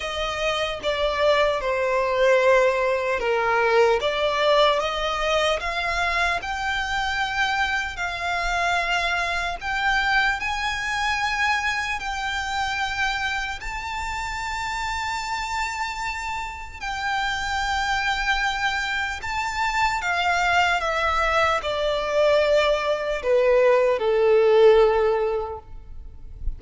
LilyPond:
\new Staff \with { instrumentName = "violin" } { \time 4/4 \tempo 4 = 75 dis''4 d''4 c''2 | ais'4 d''4 dis''4 f''4 | g''2 f''2 | g''4 gis''2 g''4~ |
g''4 a''2.~ | a''4 g''2. | a''4 f''4 e''4 d''4~ | d''4 b'4 a'2 | }